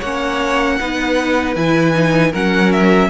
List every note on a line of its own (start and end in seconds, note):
0.00 0.80 A#3
0.00 0.81 C#4
0.00 0.77 C#5
0.00 1.55 F#5
0.81 1.56 B3
0.81 1.57 D#4
0.81 2.32 B4
1.56 2.33 E3
1.56 1.94 E4
1.56 2.33 G#5
1.94 2.33 D#4
2.32 3.10 F#3
2.32 3.10 C#4
2.32 3.09 A#4
2.32 2.73 F#5
2.73 3.10 E5